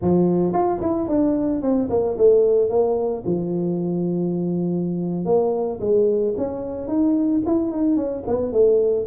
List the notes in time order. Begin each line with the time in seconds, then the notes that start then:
0.01 F3
0.53 F4
0.81 E4
1.08 D4
1.62 C4
1.89 A#3
2.17 A3
2.69 A#3
3.25 F3
5.25 A#3
5.80 G#3
6.37 C#4
6.87 D#4
7.45 E4
7.71 D#4
7.96 C#4
8.27 B3
8.52 A3